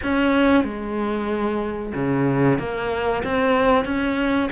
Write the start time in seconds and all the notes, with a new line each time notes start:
0.03 C#4
0.63 G#3
1.94 C#3
2.58 A#3
3.23 C4
3.84 C#4